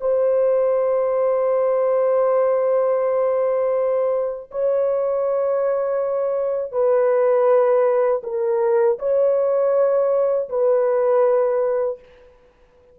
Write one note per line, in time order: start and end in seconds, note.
0.00 4.50 C5
4.51 6.72 C#5
6.72 8.22 B4
8.23 8.98 A#4
8.98 10.48 C#5
10.49 11.99 B4